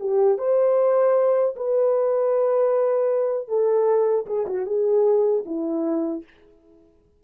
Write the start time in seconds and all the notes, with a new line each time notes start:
0.00 G4
0.38 C5
1.56 B4
3.48 A4
4.26 G#4
4.47 F#4
4.66 G#4
5.46 E4